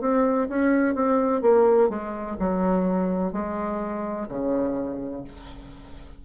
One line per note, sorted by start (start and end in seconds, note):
0.00 0.48 C4
0.48 0.94 C#4
0.94 1.41 C4
1.41 1.89 A#3
1.89 2.36 G#3
2.39 3.32 F#3
3.32 4.28 G#3
4.29 5.24 C#3